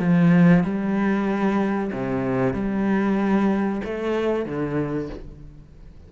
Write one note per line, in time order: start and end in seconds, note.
0.00 0.64 F3
0.64 1.91 G3
1.93 2.54 C3
2.54 3.82 G3
3.85 4.46 A3
4.46 5.10 D3